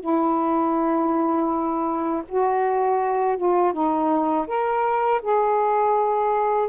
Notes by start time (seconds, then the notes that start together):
0.00 E4
2.28 F#4
3.37 F4
3.72 D#4
4.47 A#4
5.22 G#4